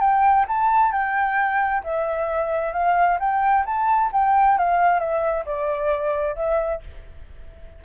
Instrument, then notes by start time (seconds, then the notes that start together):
flute
0.00 G5
0.48 A5
0.92 G5
1.84 E5
2.73 F5
3.19 G5
3.65 A5
4.12 G5
4.58 F5
4.99 E5
5.45 D5
6.36 E5